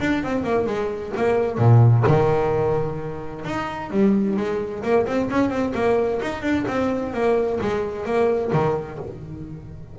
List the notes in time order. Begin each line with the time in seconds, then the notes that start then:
0.00 D4
0.23 C4
0.44 A#3
0.66 G#3
1.16 A#3
1.58 A#2
2.07 D#3
3.45 D#4
3.90 G3
4.36 G#3
4.83 A#3
5.06 C4
5.30 C#4
5.49 C4
5.74 A#3
6.22 D#4
6.42 D4
6.67 C4
7.13 A#3
7.61 G#3
8.05 A#3
8.52 D#3